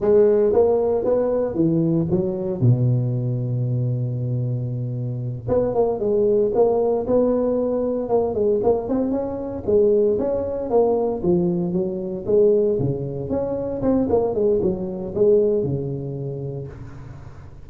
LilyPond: \new Staff \with { instrumentName = "tuba" } { \time 4/4 \tempo 4 = 115 gis4 ais4 b4 e4 | fis4 b,2.~ | b,2~ b,8 b8 ais8 gis8~ | gis8 ais4 b2 ais8 |
gis8 ais8 c'8 cis'4 gis4 cis'8~ | cis'8 ais4 f4 fis4 gis8~ | gis8 cis4 cis'4 c'8 ais8 gis8 | fis4 gis4 cis2 | }